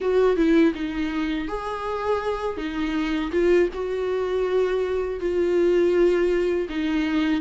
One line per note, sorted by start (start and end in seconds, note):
0.00 0.36 F#4
0.36 0.73 E4
0.74 1.48 D#4
1.48 2.57 G#4
2.57 3.31 D#4
3.31 3.68 F4
3.73 5.20 F#4
5.20 6.68 F4
6.69 7.41 D#4